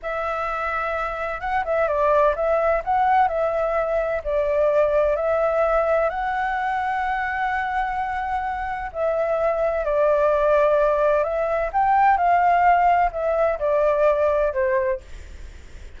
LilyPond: \new Staff \with { instrumentName = "flute" } { \time 4/4 \tempo 4 = 128 e''2. fis''8 e''8 | d''4 e''4 fis''4 e''4~ | e''4 d''2 e''4~ | e''4 fis''2.~ |
fis''2. e''4~ | e''4 d''2. | e''4 g''4 f''2 | e''4 d''2 c''4 | }